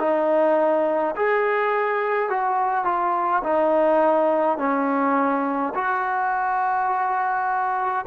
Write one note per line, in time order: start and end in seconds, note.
0.00 1.15 D#4
1.16 2.30 G#4
2.30 2.85 F#4
2.85 3.43 F4
3.44 4.58 D#4
4.58 5.74 C#4
5.75 8.06 F#4